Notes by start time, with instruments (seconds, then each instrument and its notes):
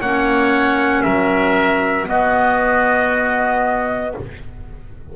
0.00 double bass A#3, clarinet C#4, oboe C#5, trumpet F#5
1.03 double bass F#3, oboe A#4, trumpet E5
2.05 clarinet B3, double bass B3, oboe F#4, trumpet D#5